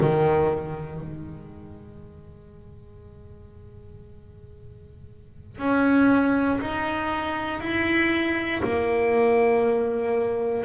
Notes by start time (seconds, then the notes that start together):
0.00 D#3
1.00 G#3
5.58 C#4
6.61 D#4
7.60 E4
8.63 A#3